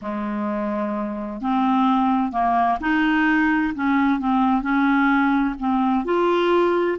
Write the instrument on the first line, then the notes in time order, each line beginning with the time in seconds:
clarinet
0.01 G#3
1.41 C4
2.32 A#3
2.80 D#4
3.74 C#4
4.19 C4
4.62 C#4
5.59 C4
6.04 F4